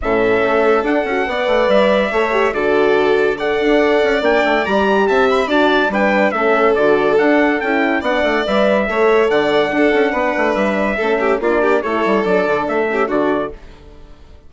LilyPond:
<<
  \new Staff \with { instrumentName = "trumpet" } { \time 4/4 \tempo 4 = 142 e''2 fis''2 | e''2 d''2 | fis''2 g''4 ais''4 | a''8 b''8 a''4 g''4 e''4 |
d''4 fis''4 g''4 fis''4 | e''2 fis''2~ | fis''4 e''2 d''4 | cis''4 d''4 e''4 d''4 | }
  \new Staff \with { instrumentName = "violin" } { \time 4/4 a'2. d''4~ | d''4 cis''4 a'2 | d''1 | e''4 d''4 b'4 a'4~ |
a'2. d''4~ | d''4 cis''4 d''4 a'4 | b'2 a'8 g'8 f'8 g'8 | a'2~ a'8 g'8 fis'4 | }
  \new Staff \with { instrumentName = "horn" } { \time 4/4 cis'2 d'8 fis'8 b'4~ | b'4 a'8 g'8 fis'2 | a'2 d'4 g'4~ | g'4 fis'4 d'4 cis'4 |
fis'4 d'4 e'4 d'4 | b'4 a'2 d'4~ | d'2 cis'4 d'4 | e'4 d'4. cis'8 d'4 | }
  \new Staff \with { instrumentName = "bassoon" } { \time 4/4 a,4 a4 d'8 cis'8 b8 a8 | g4 a4 d2~ | d8 d'4 cis'8 ais8 a8 g4 | c'4 d'4 g4 a4 |
d4 d'4 cis'4 b8 a8 | g4 a4 d4 d'8 cis'8 | b8 a8 g4 a4 ais4 | a8 g8 fis8 d8 a4 d4 | }
>>